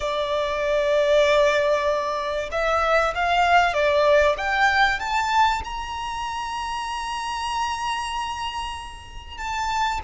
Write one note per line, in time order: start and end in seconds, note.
0.00 2.49 D5
2.51 3.14 E5
3.14 3.73 F5
3.73 4.36 D5
4.38 4.99 G5
4.99 5.62 A5
5.64 9.38 A#5
9.38 10.00 A5